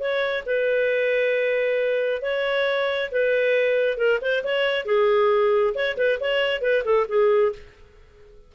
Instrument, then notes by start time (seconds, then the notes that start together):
clarinet
0.00 C#5
0.46 B4
2.22 C#5
3.12 B4
3.98 A#4
4.22 C5
4.44 C#5
4.86 G#4
5.75 C#5
5.98 B4
6.21 C#5
6.62 B4
6.85 A4
7.09 G#4